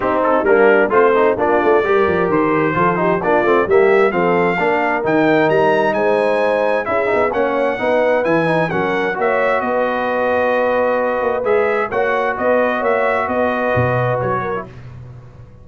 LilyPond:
<<
  \new Staff \with { instrumentName = "trumpet" } { \time 4/4 \tempo 4 = 131 g'8 a'8 ais'4 c''4 d''4~ | d''4 c''2 d''4 | e''4 f''2 g''4 | ais''4 gis''2 e''4 |
fis''2 gis''4 fis''4 | e''4 dis''2.~ | dis''4 e''4 fis''4 dis''4 | e''4 dis''2 cis''4 | }
  \new Staff \with { instrumentName = "horn" } { \time 4/4 dis'4 d'4 c'4 f'4 | ais'2 a'8 g'8 f'4 | g'4 a'4 ais'2~ | ais'4 c''2 gis'4 |
cis''4 b'2 ais'4 | cis''4 b'2.~ | b'2 cis''4 b'4 | cis''4 b'2~ b'8 ais'8 | }
  \new Staff \with { instrumentName = "trombone" } { \time 4/4 c'4 ais4 f'8 dis'8 d'4 | g'2 f'8 dis'8 d'8 c'8 | ais4 c'4 d'4 dis'4~ | dis'2. e'8 dis'8 |
cis'4 dis'4 e'8 dis'8 cis'4 | fis'1~ | fis'4 gis'4 fis'2~ | fis'2.~ fis'8. e'16 | }
  \new Staff \with { instrumentName = "tuba" } { \time 4/4 c'4 g4 a4 ais8 a8 | g8 f8 dis4 f4 ais8 a8 | g4 f4 ais4 dis4 | g4 gis2 cis'8 b8 |
ais4 b4 e4 fis4 | ais4 b2.~ | b8 ais8 gis4 ais4 b4 | ais4 b4 b,4 fis4 | }
>>